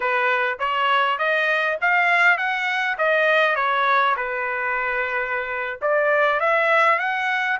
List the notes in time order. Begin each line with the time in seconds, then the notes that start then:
0.00 B4
0.59 C#5
1.18 D#5
1.81 F5
2.37 F#5
2.98 D#5
3.55 C#5
4.16 B4
5.81 D5
6.40 E5
6.99 F#5